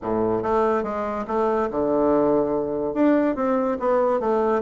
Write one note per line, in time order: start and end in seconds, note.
0.02 0.42 A2
0.42 0.83 A3
0.83 1.25 G#3
1.27 1.69 A3
1.71 2.94 D3
2.94 3.35 D4
3.35 3.77 C4
3.79 4.20 B3
4.20 4.62 A3